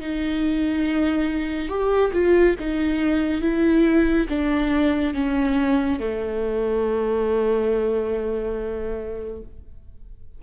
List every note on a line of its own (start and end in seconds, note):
0.00 1.68 D#4
1.68 2.11 G4
2.13 2.56 F4
2.59 3.41 D#4
3.41 4.27 E4
4.29 5.14 D4
5.14 5.99 C#4
5.99 9.42 A3